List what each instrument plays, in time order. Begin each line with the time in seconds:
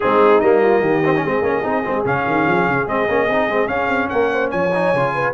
0.00 tuba G#3, trombone C4, horn D#4, trumpet G#4
0.40 tuba G3, trombone A#3, trumpet D#5
0.62 horn F4
0.80 tuba D#3, horn G4
1.04 trombone C4
1.16 trombone C#4, horn G#4
1.24 tuba G#3, trombone C4
1.42 tuba A#3, trombone C#4
1.62 tuba C4, trombone D#4
1.84 tuba G#3, trombone C4
2.05 tuba C#3, trombone C#4, trumpet F5
2.26 tuba D#3
2.47 tuba F3
2.67 tuba C#3
2.87 tuba G#3, trombone C4, trumpet D#5
3.08 tuba A#3, trombone C#4
3.28 tuba C4, trombone D#4
3.47 tuba G#3, trombone C4
3.67 trombone C#4, tuba C#4, trumpet F5
3.87 tuba C4
4.09 tuba A#3, horn A#4, trumpet F#5
4.33 horn C5
4.50 tuba F3, horn C#5, trumpet G#5
4.74 trombone D#4
4.93 tuba C#3, trombone F4
5.14 horn B4